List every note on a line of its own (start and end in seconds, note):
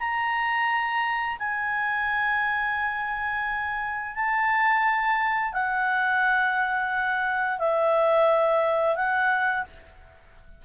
0.00 1.38 A#5
1.39 4.15 G#5
4.15 5.53 A5
5.53 7.59 F#5
7.59 8.96 E5
8.96 9.65 F#5